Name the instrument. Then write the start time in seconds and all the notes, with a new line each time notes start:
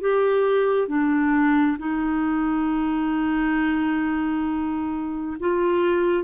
clarinet
0.00 G4
0.88 D4
1.78 D#4
5.40 F4